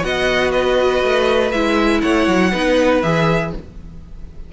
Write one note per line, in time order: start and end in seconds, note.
0.00 1.03 B3
0.00 1.50 F#4
0.00 0.51 D#5
0.00 0.51 F#5
0.51 2.01 B4
0.51 1.51 D#5
1.03 1.52 A3
1.51 2.02 G#3
1.51 2.52 E4
1.51 2.01 E5
2.01 2.27 A3
2.01 2.51 C#5
2.01 3.01 F#5
2.27 2.52 F#3
2.51 3.02 B3
2.51 3.02 D#4
2.51 3.51 B4
3.02 3.52 E3
3.02 3.52 G#4
3.02 3.52 E5